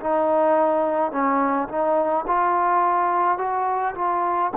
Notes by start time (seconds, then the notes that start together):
0.00 D#4
1.12 C#4
1.69 D#4
2.27 F4
3.38 F#4
3.95 F4